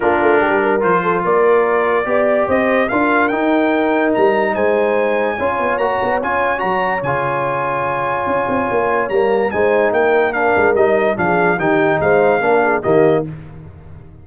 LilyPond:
<<
  \new Staff \with { instrumentName = "trumpet" } { \time 4/4 \tempo 4 = 145 ais'2 c''4 d''4~ | d''2 dis''4 f''4 | g''2 ais''4 gis''4~ | gis''2 ais''4 gis''4 |
ais''4 gis''2.~ | gis''2 ais''4 gis''4 | g''4 f''4 dis''4 f''4 | g''4 f''2 dis''4 | }
  \new Staff \with { instrumentName = "horn" } { \time 4/4 f'4 g'8 ais'4 a'8 ais'4~ | ais'4 d''4 c''4 ais'4~ | ais'2. c''4~ | c''4 cis''2.~ |
cis''1~ | cis''2. c''4 | ais'2. gis'4 | g'4 c''4 ais'8 gis'8 g'4 | }
  \new Staff \with { instrumentName = "trombone" } { \time 4/4 d'2 f'2~ | f'4 g'2 f'4 | dis'1~ | dis'4 f'4 fis'4 f'4 |
fis'4 f'2.~ | f'2 ais4 dis'4~ | dis'4 d'4 dis'4 d'4 | dis'2 d'4 ais4 | }
  \new Staff \with { instrumentName = "tuba" } { \time 4/4 ais8 a8 g4 f4 ais4~ | ais4 b4 c'4 d'4 | dis'2 g4 gis4~ | gis4 cis'8 b8 ais8 b8 cis'4 |
fis4 cis2. | cis'8 c'8 ais4 g4 gis4 | ais4. gis8 g4 f4 | dis4 gis4 ais4 dis4 | }
>>